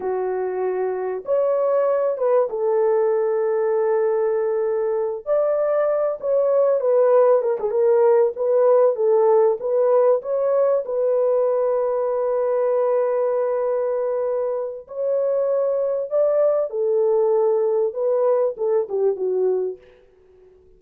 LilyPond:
\new Staff \with { instrumentName = "horn" } { \time 4/4 \tempo 4 = 97 fis'2 cis''4. b'8 | a'1~ | a'8 d''4. cis''4 b'4 | ais'16 gis'16 ais'4 b'4 a'4 b'8~ |
b'8 cis''4 b'2~ b'8~ | b'1 | cis''2 d''4 a'4~ | a'4 b'4 a'8 g'8 fis'4 | }